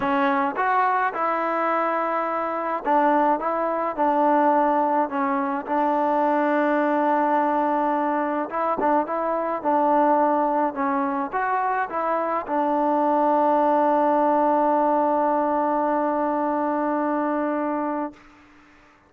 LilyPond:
\new Staff \with { instrumentName = "trombone" } { \time 4/4 \tempo 4 = 106 cis'4 fis'4 e'2~ | e'4 d'4 e'4 d'4~ | d'4 cis'4 d'2~ | d'2. e'8 d'8 |
e'4 d'2 cis'4 | fis'4 e'4 d'2~ | d'1~ | d'1 | }